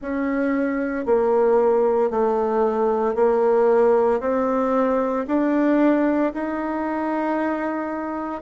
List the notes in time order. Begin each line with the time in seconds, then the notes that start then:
0.01 C#4
1.05 A#3
2.10 A3
3.15 A#3
4.20 C4
5.27 D4
6.33 D#4